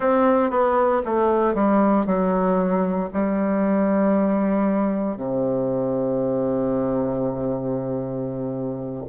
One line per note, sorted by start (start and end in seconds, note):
0.00 0.50 C4
0.50 1.02 B3
1.05 1.54 A3
1.54 2.05 G3
2.05 3.09 F#3
3.13 5.17 G3
5.17 9.05 C3